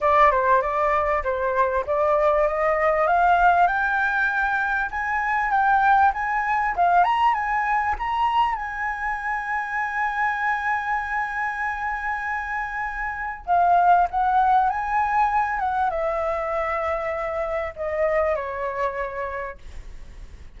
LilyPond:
\new Staff \with { instrumentName = "flute" } { \time 4/4 \tempo 4 = 98 d''8 c''8 d''4 c''4 d''4 | dis''4 f''4 g''2 | gis''4 g''4 gis''4 f''8 ais''8 | gis''4 ais''4 gis''2~ |
gis''1~ | gis''2 f''4 fis''4 | gis''4. fis''8 e''2~ | e''4 dis''4 cis''2 | }